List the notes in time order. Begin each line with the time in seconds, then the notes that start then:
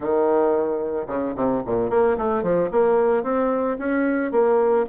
0.00 D#3
1.07 C#3
1.35 C3
1.65 A#2
1.89 A#3
2.17 A3
2.42 F3
2.71 A#3
3.23 C4
3.78 C#4
4.31 A#3